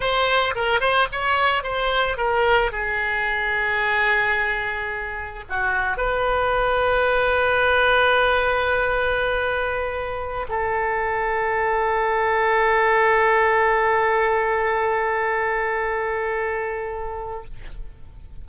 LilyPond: \new Staff \with { instrumentName = "oboe" } { \time 4/4 \tempo 4 = 110 c''4 ais'8 c''8 cis''4 c''4 | ais'4 gis'2.~ | gis'2 fis'4 b'4~ | b'1~ |
b'2.~ b'16 a'8.~ | a'1~ | a'1~ | a'1 | }